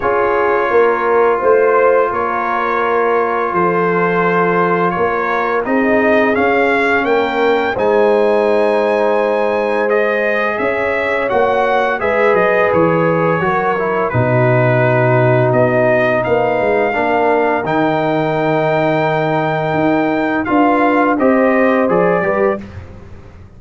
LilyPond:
<<
  \new Staff \with { instrumentName = "trumpet" } { \time 4/4 \tempo 4 = 85 cis''2 c''4 cis''4~ | cis''4 c''2 cis''4 | dis''4 f''4 g''4 gis''4~ | gis''2 dis''4 e''4 |
fis''4 e''8 dis''8 cis''2 | b'2 dis''4 f''4~ | f''4 g''2.~ | g''4 f''4 dis''4 d''4 | }
  \new Staff \with { instrumentName = "horn" } { \time 4/4 gis'4 ais'4 c''4 ais'4~ | ais'4 a'2 ais'4 | gis'2 ais'4 c''4~ | c''2. cis''4~ |
cis''4 b'2 ais'4 | fis'2. b'4 | ais'1~ | ais'4 b'4 c''4. b'8 | }
  \new Staff \with { instrumentName = "trombone" } { \time 4/4 f'1~ | f'1 | dis'4 cis'2 dis'4~ | dis'2 gis'2 |
fis'4 gis'2 fis'8 e'8 | dis'1 | d'4 dis'2.~ | dis'4 f'4 g'4 gis'8 g'8 | }
  \new Staff \with { instrumentName = "tuba" } { \time 4/4 cis'4 ais4 a4 ais4~ | ais4 f2 ais4 | c'4 cis'4 ais4 gis4~ | gis2. cis'4 |
ais4 gis8 fis8 e4 fis4 | b,2 b4 ais8 gis8 | ais4 dis2. | dis'4 d'4 c'4 f8 g8 | }
>>